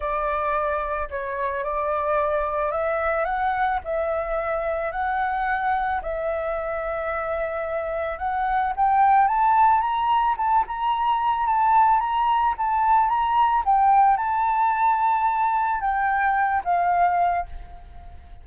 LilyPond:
\new Staff \with { instrumentName = "flute" } { \time 4/4 \tempo 4 = 110 d''2 cis''4 d''4~ | d''4 e''4 fis''4 e''4~ | e''4 fis''2 e''4~ | e''2. fis''4 |
g''4 a''4 ais''4 a''8 ais''8~ | ais''4 a''4 ais''4 a''4 | ais''4 g''4 a''2~ | a''4 g''4. f''4. | }